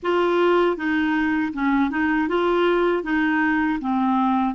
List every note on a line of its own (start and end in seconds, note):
0.02 0.76 F4
0.76 1.52 D#4
1.53 1.90 C#4
1.90 2.28 D#4
2.28 3.03 F4
3.03 3.79 D#4
3.80 4.54 C4